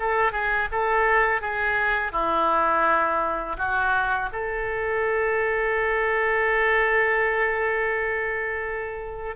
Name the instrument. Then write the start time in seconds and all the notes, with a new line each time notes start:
oboe
0.00 A4
0.33 G#4
0.72 A4
1.42 G#4
2.12 E4
3.58 F#4
4.33 A4